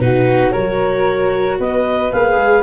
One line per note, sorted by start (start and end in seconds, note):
0.00 0.53 B2
0.00 0.53 D#4
0.00 0.52 F#4
0.00 0.52 B4
0.52 1.60 F#3
0.52 2.12 F#4
0.52 1.59 A#4
0.52 1.58 C#5
1.60 2.13 B3
1.60 2.63 B4
1.60 2.13 D#5
2.13 2.37 A#3
2.13 2.63 G#4
2.13 2.63 F5
2.37 2.63 G#3